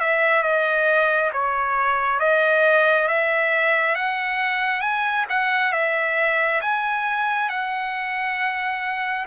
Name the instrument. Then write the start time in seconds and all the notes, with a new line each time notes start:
trumpet
0.00 E5
0.43 D#5
1.33 C#5
2.19 D#5
3.08 E5
3.95 F#5
4.81 G#5
5.29 F#5
5.72 E5
6.61 G#5
7.49 F#5